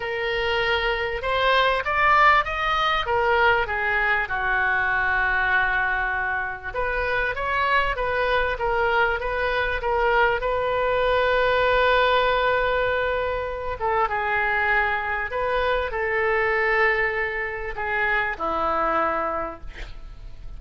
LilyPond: \new Staff \with { instrumentName = "oboe" } { \time 4/4 \tempo 4 = 98 ais'2 c''4 d''4 | dis''4 ais'4 gis'4 fis'4~ | fis'2. b'4 | cis''4 b'4 ais'4 b'4 |
ais'4 b'2.~ | b'2~ b'8 a'8 gis'4~ | gis'4 b'4 a'2~ | a'4 gis'4 e'2 | }